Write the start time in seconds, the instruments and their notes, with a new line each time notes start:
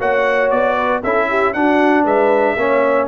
0.00 tuba A#3, trombone F#4, horn C#5, trumpet F#5
0.51 tuba B3, trumpet D5
0.76 horn B4
1.03 tuba C#4, trombone E4, horn A4, trumpet E5
1.30 horn G4
1.54 tuba D4, trombone D4, horn F#4, trumpet F#5
2.04 tuba G#3, horn B4, trumpet E5
2.57 tuba A#3, trombone C#4, horn C#5